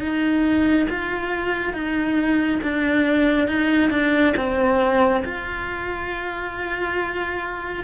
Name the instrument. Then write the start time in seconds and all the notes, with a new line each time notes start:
cello
0.00 D#4
0.90 F4
1.73 D#4
2.62 D4
3.47 D#4
3.91 D4
4.36 C4
5.25 F4